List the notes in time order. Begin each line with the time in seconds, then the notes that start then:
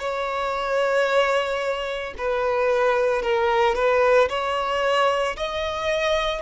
0.00 C#5
2.18 B4
3.22 A#4
3.75 B4
4.29 C#5
5.37 D#5